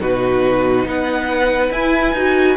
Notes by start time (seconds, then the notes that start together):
0.00 B2 D#4 F#4 B4
0.86 B3 B4 F#5
1.70 E4 G#5
2.13 D#4 F#4